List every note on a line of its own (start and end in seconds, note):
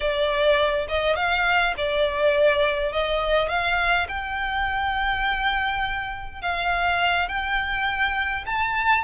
0.00 0.87 D5
0.88 1.16 D#5
1.16 1.74 F5
1.77 2.92 D5
2.92 3.48 D#5
3.48 4.07 F5
4.08 6.41 G5
6.41 7.28 F5
7.28 8.44 G5
8.46 9.03 A5